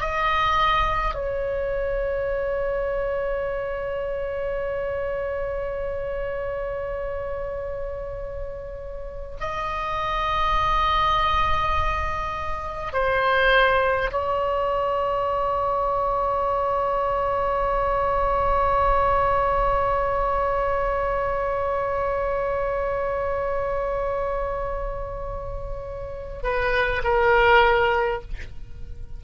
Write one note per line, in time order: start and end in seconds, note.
0.00 1.14 D#5
1.14 9.37 C#5
9.40 12.93 D#5
12.93 14.11 C5
14.11 26.43 C#5
26.43 27.02 B4
27.04 28.21 A#4